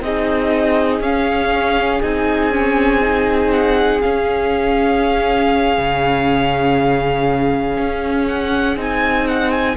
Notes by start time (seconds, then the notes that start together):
0.00 C4 D#4 G#4 D#5
1.00 C#4 F5
2.02 C4 D#4 G#5
2.52 C#4
3.01 D#4
3.52 F#5
4.01 C#4 F5
5.78 C#3
7.77 C#4
8.27 F#5
8.76 C4 D#4 G#5
9.27 F#5
9.51 G#5